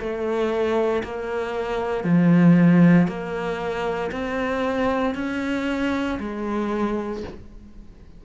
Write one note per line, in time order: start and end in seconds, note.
0.00 1.03 A3
1.04 2.05 A#3
2.05 3.08 F3
3.08 4.11 A#3
4.12 5.15 C4
5.15 6.19 C#4
6.20 7.24 G#3